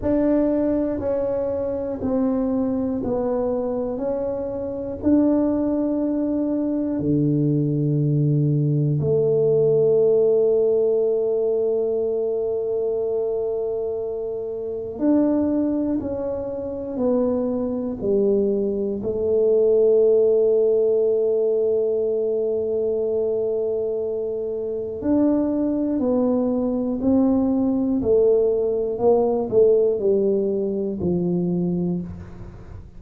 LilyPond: \new Staff \with { instrumentName = "tuba" } { \time 4/4 \tempo 4 = 60 d'4 cis'4 c'4 b4 | cis'4 d'2 d4~ | d4 a2.~ | a2. d'4 |
cis'4 b4 g4 a4~ | a1~ | a4 d'4 b4 c'4 | a4 ais8 a8 g4 f4 | }